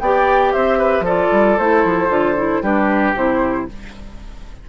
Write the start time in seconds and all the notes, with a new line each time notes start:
0.00 B3 G4 D5 G5
0.53 C4 C5 E5
0.79 B4
1.01 F3 F4 A4 D5
1.32 G3
1.58 A3 E4 C5
1.85 F3
2.09 D3 F4
2.37 E4
2.62 G3 D4 G4 B4
3.16 C3 E4 C5